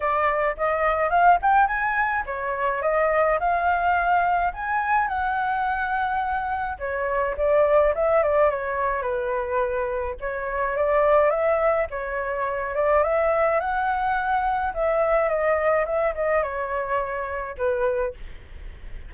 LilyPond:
\new Staff \with { instrumentName = "flute" } { \time 4/4 \tempo 4 = 106 d''4 dis''4 f''8 g''8 gis''4 | cis''4 dis''4 f''2 | gis''4 fis''2. | cis''4 d''4 e''8 d''8 cis''4 |
b'2 cis''4 d''4 | e''4 cis''4. d''8 e''4 | fis''2 e''4 dis''4 | e''8 dis''8 cis''2 b'4 | }